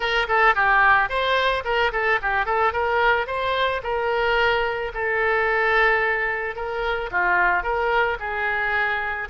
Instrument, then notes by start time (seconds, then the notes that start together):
oboe
0.00 A#4
0.28 A4
0.55 G4
1.09 C5
1.64 A#4
1.92 A4
2.22 G4
2.45 A4
2.72 A#4
3.27 C5
3.83 A#4
4.93 A4
6.55 A#4
7.11 F4
7.63 A#4
8.19 G#4